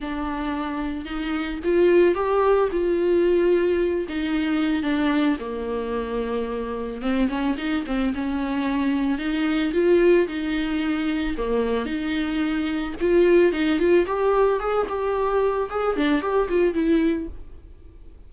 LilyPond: \new Staff \with { instrumentName = "viola" } { \time 4/4 \tempo 4 = 111 d'2 dis'4 f'4 | g'4 f'2~ f'8 dis'8~ | dis'4 d'4 ais2~ | ais4 c'8 cis'8 dis'8 c'8 cis'4~ |
cis'4 dis'4 f'4 dis'4~ | dis'4 ais4 dis'2 | f'4 dis'8 f'8 g'4 gis'8 g'8~ | g'4 gis'8 d'8 g'8 f'8 e'4 | }